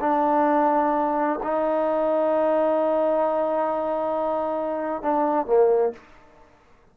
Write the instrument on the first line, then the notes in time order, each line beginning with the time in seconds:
trombone
0.00 D4
1.43 D#4
5.02 D4
5.46 A#3